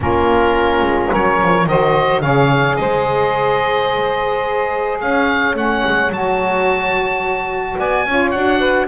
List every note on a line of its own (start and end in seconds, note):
0.00 0.82 A#3
0.00 1.66 C#4
0.00 1.10 F4
0.00 1.13 A#4
0.82 1.09 G#3
1.10 1.41 F#3
1.10 1.65 A#4
1.10 1.68 C#5
1.41 1.66 F3
1.66 2.21 D#3
1.66 2.22 F#4
1.66 2.22 C5
1.66 2.21 D#5
2.21 2.76 C#3
2.21 5.55 G#4
2.21 2.77 C#5
2.21 2.76 F5
2.76 5.01 G#3
2.76 5.00 C5
2.76 4.98 D#5
5.00 5.54 C#4
5.00 7.78 C#5
5.00 5.56 F5
5.54 5.82 A3
5.54 6.11 C#4
5.54 6.12 F#5
5.86 6.09 G#3
6.09 7.76 F#3
6.09 8.06 F#4
6.09 7.79 A5
7.78 8.05 B3
7.78 8.06 D5
7.78 8.31 G#5
8.05 8.33 C#4
8.05 8.34 F4
8.05 8.58 C#5
8.31 8.88 D4
8.31 8.88 F#4
8.31 8.86 F#5
8.58 8.86 B4